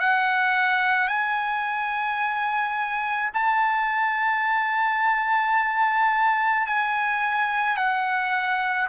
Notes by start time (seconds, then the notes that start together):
0.00 F#5
1.08 G#5
3.34 A5
6.67 G#5
7.77 F#5